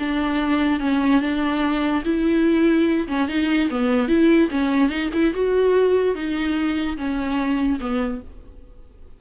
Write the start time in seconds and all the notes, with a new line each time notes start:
0.00 D4
0.80 C#4
1.21 D4
2.05 E4
3.08 C#4
3.29 D#4
3.71 B3
4.09 E4
4.51 C#4
4.90 D#4
5.14 E4
5.34 F#4
6.15 D#4
6.98 C#4
7.81 B3